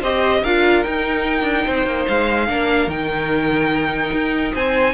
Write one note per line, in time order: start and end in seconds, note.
0.00 0.43 C4
0.00 0.44 G4
0.00 0.41 C5
0.00 0.44 D#5
0.42 0.85 D4
0.42 0.85 F4
0.42 1.65 A#4
0.42 0.83 F5
0.83 2.48 D#4
0.83 1.42 D#4
0.83 2.06 G5
1.42 1.63 D4
1.65 1.85 C4
1.65 2.47 C5
1.85 2.06 A#3
2.08 2.49 G#3
2.08 2.90 F5
2.48 2.87 A#3
2.48 2.89 D4
2.48 4.53 A#4
2.87 4.10 D#3
2.87 4.93 D#4
2.87 4.54 G5
4.12 4.53 D#4
4.53 4.93 C4
4.53 4.93 C5
4.53 4.93 G#5